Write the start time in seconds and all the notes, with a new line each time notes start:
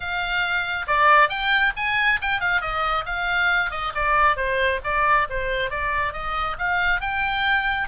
0.00 F5
0.87 D5
1.29 G5
1.76 G#5
2.21 G5
2.40 F5
2.61 D#5
3.05 F5
3.70 D#5
3.94 D5
4.36 C5
4.84 D5
5.29 C5
5.70 D5
6.13 D#5
6.58 F5
7.00 G5